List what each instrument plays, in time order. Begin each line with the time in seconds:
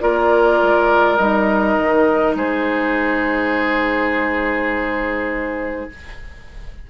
0.00 bassoon A#3, clarinet F4, oboe A#4, flute D5
0.62 bassoon G#3
1.16 bassoon G3, clarinet D#4, flute D#5
1.78 bassoon D#3
2.35 bassoon G#3, oboe G#4, flute C5